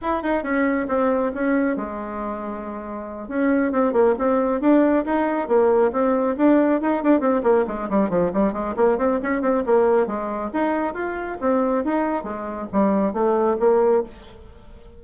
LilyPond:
\new Staff \with { instrumentName = "bassoon" } { \time 4/4 \tempo 4 = 137 e'8 dis'8 cis'4 c'4 cis'4 | gis2.~ gis8 cis'8~ | cis'8 c'8 ais8 c'4 d'4 dis'8~ | dis'8 ais4 c'4 d'4 dis'8 |
d'8 c'8 ais8 gis8 g8 f8 g8 gis8 | ais8 c'8 cis'8 c'8 ais4 gis4 | dis'4 f'4 c'4 dis'4 | gis4 g4 a4 ais4 | }